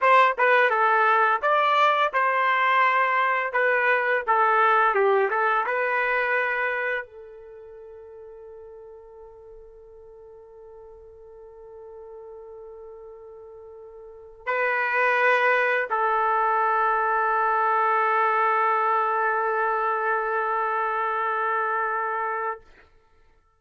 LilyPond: \new Staff \with { instrumentName = "trumpet" } { \time 4/4 \tempo 4 = 85 c''8 b'8 a'4 d''4 c''4~ | c''4 b'4 a'4 g'8 a'8 | b'2 a'2~ | a'1~ |
a'1~ | a'8 b'2 a'4.~ | a'1~ | a'1 | }